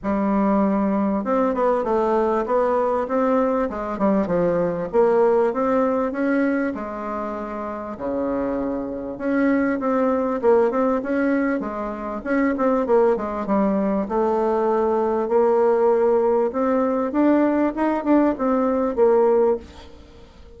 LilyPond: \new Staff \with { instrumentName = "bassoon" } { \time 4/4 \tempo 4 = 98 g2 c'8 b8 a4 | b4 c'4 gis8 g8 f4 | ais4 c'4 cis'4 gis4~ | gis4 cis2 cis'4 |
c'4 ais8 c'8 cis'4 gis4 | cis'8 c'8 ais8 gis8 g4 a4~ | a4 ais2 c'4 | d'4 dis'8 d'8 c'4 ais4 | }